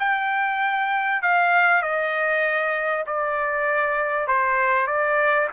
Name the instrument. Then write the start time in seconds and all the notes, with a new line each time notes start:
trumpet
0.00 G5
1.23 F5
1.83 D#5
3.07 D5
4.28 C5
4.87 D5